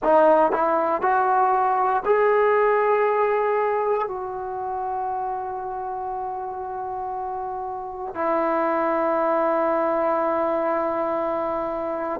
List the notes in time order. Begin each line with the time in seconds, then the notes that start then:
0.03 D#4
0.51 E4
1.01 F#4
2.05 G#4
4.08 F#4
8.14 E4